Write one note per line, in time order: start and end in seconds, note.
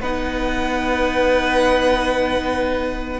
0.00 3.19 B3
0.00 3.20 D#4
0.00 3.20 B4
0.00 3.20 F#5